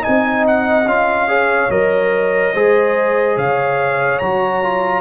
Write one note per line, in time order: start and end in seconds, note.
0.00 0.83 D#4
0.00 1.29 D#5
0.00 0.45 G#5
0.07 0.85 C4
0.47 0.88 F#5
0.85 1.69 C#4
0.85 1.28 F4
0.85 1.70 F5
1.28 1.69 G#4
1.28 2.54 C#5
1.69 2.52 F#3
1.69 2.53 A#4
1.69 3.37 D#5
2.54 3.37 G#3
2.54 4.21 G#4
2.54 3.36 C5
3.36 4.20 C#3
3.36 5.01 C#5
3.36 4.18 F5
4.18 5.01 F#3
4.18 4.62 F#4
4.18 5.01 A#5
4.62 5.01 F4